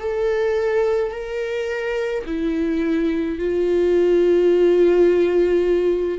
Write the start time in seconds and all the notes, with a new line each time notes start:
0.00 A4
1.12 A#4
2.26 E4
3.39 F4